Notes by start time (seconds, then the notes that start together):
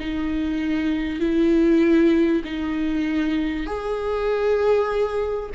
0.00 D#4
1.20 E4
2.45 D#4
3.67 G#4